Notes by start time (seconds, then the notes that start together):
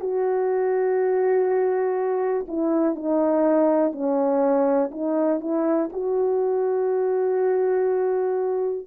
0.00 F#4
2.48 E4
2.95 D#4
3.92 C#4
4.91 D#4
5.40 E4
5.92 F#4